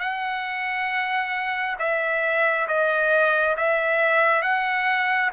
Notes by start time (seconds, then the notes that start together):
0.00 F#5
1.79 E5
2.68 D#5
3.57 E5
4.42 F#5